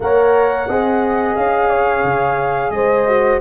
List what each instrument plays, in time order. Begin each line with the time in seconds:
0.00 tuba A#3, horn A#4 C#5, flute F#5
0.68 tuba C4, horn G#4 D#5
1.35 tuba C#4, flute F5
1.69 horn C#5
2.03 tuba C#3
2.70 tuba G#3, horn C5, flute D#5
3.07 horn F#4